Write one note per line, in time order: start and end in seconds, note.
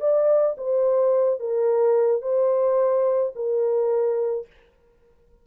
0.00 0.56 D5
0.57 1.39 C5
1.39 2.21 A#4
2.21 3.33 C5
3.35 4.46 A#4